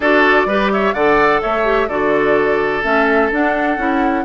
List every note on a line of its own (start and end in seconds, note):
0.00 0.45 D4
0.00 0.48 F#4
0.00 0.47 A4
0.00 0.72 D5
0.45 0.93 G3
0.45 0.96 G4
0.45 0.71 B4
0.72 0.94 C#5
0.72 0.93 E5
0.93 1.41 D3
0.93 1.64 A4
0.93 1.41 D5
0.93 1.40 F#5
1.41 1.88 A3
1.41 1.88 C#5
1.41 1.88 E5
1.64 1.87 G4
1.88 2.83 D3
1.88 2.83 F#4
1.88 4.24 A4
1.88 2.83 D5
2.83 3.30 A3
2.83 3.30 C#4
2.83 3.31 E5
3.31 3.77 D4
3.31 4.24 F#5
3.77 4.24 C#4
3.77 4.24 E4